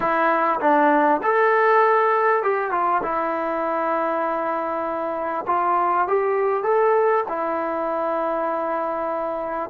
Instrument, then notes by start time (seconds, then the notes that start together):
trombone
0.00 E4
0.60 D4
1.22 A4
2.42 G4
2.71 F4
3.02 E4
5.47 F4
6.07 G4
6.63 A4
7.28 E4